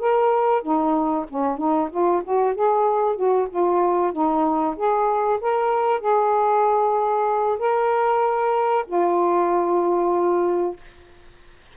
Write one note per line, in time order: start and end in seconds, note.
0.00 0.63 A#4
0.63 1.26 D#4
1.30 1.58 C#4
1.58 1.89 D#4
1.91 2.23 F4
2.25 2.56 F#4
2.56 3.16 G#4
3.16 3.48 F#4
3.50 4.13 F4
4.13 4.76 D#4
4.77 5.40 G#4
5.41 6.01 A#4
6.01 7.59 G#4
7.59 8.86 A#4
8.87 10.77 F4